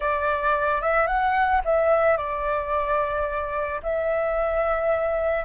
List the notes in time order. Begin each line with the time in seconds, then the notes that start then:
0.00 D5
0.81 E5
1.06 F#5
1.64 E5
2.17 D5
3.82 E5